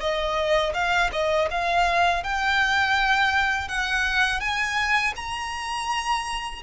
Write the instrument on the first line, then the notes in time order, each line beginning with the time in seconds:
violin
0.00 D#5
0.74 F5
1.12 D#5
1.51 F5
2.23 G5
3.68 F#5
4.40 G#5
5.16 A#5